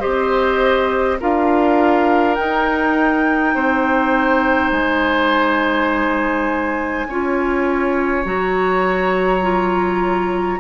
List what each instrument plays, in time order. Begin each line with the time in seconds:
0.00 bassoon C4, clarinet G4, oboe C5, flute D#5
1.20 bassoon D4, clarinet F4, oboe A#4, flute F5
2.35 clarinet D#4, bassoon D#4, flute G5
3.54 bassoon C4, oboe C5
4.71 bassoon G#3, flute G#5
7.08 bassoon C#4, clarinet F4, oboe C#5
8.24 bassoon F#3, clarinet F#4, flute A#5
9.42 clarinet F4